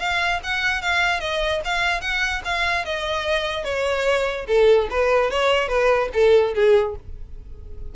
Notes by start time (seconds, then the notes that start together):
0.00 F5
0.44 F#5
0.82 F5
1.21 D#5
1.65 F5
2.01 F#5
2.45 F5
2.86 D#5
3.65 C#5
4.48 A4
4.91 B4
5.31 C#5
5.69 B4
6.14 A4
6.55 G#4